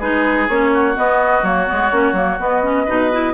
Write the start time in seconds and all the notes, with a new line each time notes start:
0.00 G#3 D#4 G#4 B4
0.49 A#3 C#4 C#5
0.74 F#4
0.96 B3 D#5
1.43 F#3 A#3 C#5
1.67 G#3 B3
1.92 A#3 C#4
2.13 F#3 A#3
2.40 B3 D#5
2.63 C#4
2.85 B2 D#4 B4
3.12 E4